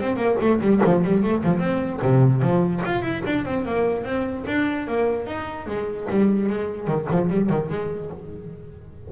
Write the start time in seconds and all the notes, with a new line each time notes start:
0.00 C4
0.16 A#3
0.40 A3
0.60 G3
0.85 F3
1.04 G3
1.23 A3
1.44 F3
1.58 C4
2.02 C3
2.41 F3
2.85 F4
3.01 E4
3.25 D4
3.45 C4
3.65 A#3
4.04 C4
4.46 D4
4.87 A#3
5.26 D#4
5.66 G#3
6.10 G3
6.49 G#3
6.87 D#3
7.11 F3
7.29 G3
7.49 D#3
7.69 G#3